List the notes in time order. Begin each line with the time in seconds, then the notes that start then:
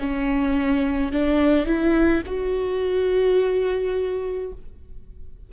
0.00 C#4
1.12 D4
1.66 E4
2.26 F#4